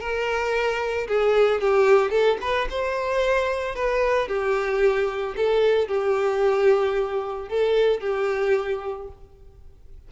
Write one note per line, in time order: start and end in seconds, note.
0.00 1.07 A#4
1.08 1.61 G#4
1.61 2.11 G4
2.11 2.38 A4
2.41 2.68 B4
2.70 3.75 C5
3.75 4.28 B4
4.28 5.35 G4
5.36 5.88 A4
5.88 7.49 G4
7.49 8.01 A4
8.01 9.08 G4